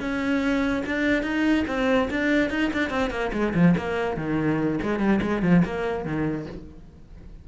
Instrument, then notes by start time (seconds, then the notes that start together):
cello
0.00 C#4
0.86 D4
1.23 D#4
1.68 C4
2.10 D4
2.50 D#4
2.73 D4
2.90 C4
3.10 A#3
3.33 G#3
3.54 F3
3.77 A#3
4.17 D#3
4.82 G#3
4.99 G3
5.22 G#3
5.42 F3
5.65 A#3
6.05 D#3